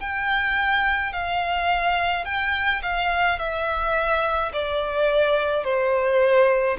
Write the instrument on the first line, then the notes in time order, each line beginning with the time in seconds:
violin
0.00 G5
1.13 F5
2.25 G5
2.83 F5
3.39 E5
4.53 D5
5.64 C5